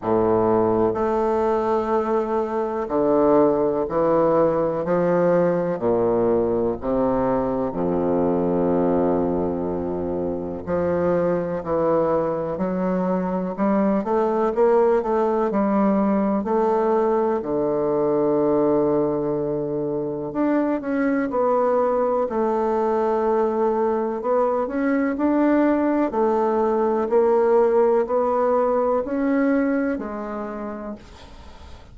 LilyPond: \new Staff \with { instrumentName = "bassoon" } { \time 4/4 \tempo 4 = 62 a,4 a2 d4 | e4 f4 ais,4 c4 | f,2. f4 | e4 fis4 g8 a8 ais8 a8 |
g4 a4 d2~ | d4 d'8 cis'8 b4 a4~ | a4 b8 cis'8 d'4 a4 | ais4 b4 cis'4 gis4 | }